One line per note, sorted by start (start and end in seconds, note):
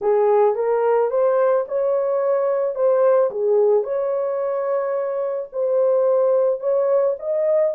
0.01 0.55 G#4
0.55 1.10 A#4
1.10 1.65 C5
1.67 2.75 C#5
2.75 3.30 C5
3.31 3.83 G#4
3.83 5.48 C#5
5.52 6.60 C5
6.60 7.15 C#5
7.19 7.74 D#5